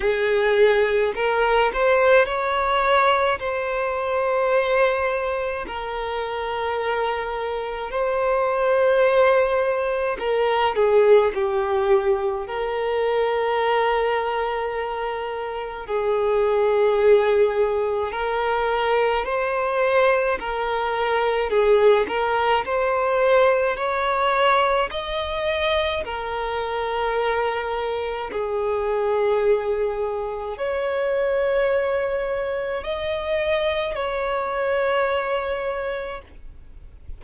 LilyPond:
\new Staff \with { instrumentName = "violin" } { \time 4/4 \tempo 4 = 53 gis'4 ais'8 c''8 cis''4 c''4~ | c''4 ais'2 c''4~ | c''4 ais'8 gis'8 g'4 ais'4~ | ais'2 gis'2 |
ais'4 c''4 ais'4 gis'8 ais'8 | c''4 cis''4 dis''4 ais'4~ | ais'4 gis'2 cis''4~ | cis''4 dis''4 cis''2 | }